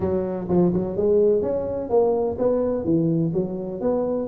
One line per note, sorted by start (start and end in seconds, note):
0.00 0.47 F#3
0.48 0.72 F3
0.73 0.96 F#3
0.96 1.42 G#3
1.42 1.89 C#4
1.89 2.37 A#3
2.38 2.84 B3
2.84 3.32 E3
3.33 3.80 F#3
3.80 4.28 B3